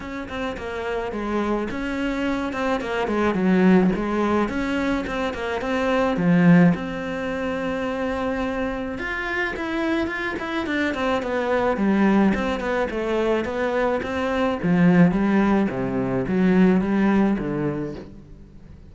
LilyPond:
\new Staff \with { instrumentName = "cello" } { \time 4/4 \tempo 4 = 107 cis'8 c'8 ais4 gis4 cis'4~ | cis'8 c'8 ais8 gis8 fis4 gis4 | cis'4 c'8 ais8 c'4 f4 | c'1 |
f'4 e'4 f'8 e'8 d'8 c'8 | b4 g4 c'8 b8 a4 | b4 c'4 f4 g4 | c4 fis4 g4 d4 | }